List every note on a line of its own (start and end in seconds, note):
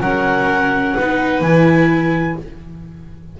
0.00 0.95 F#3
0.00 0.98 C#4
0.00 0.95 A#4
0.00 1.42 F#5
0.95 1.41 B3
0.95 1.45 D#4
0.95 2.38 B4
1.41 2.36 E3
1.41 2.40 E4
1.41 2.37 G#5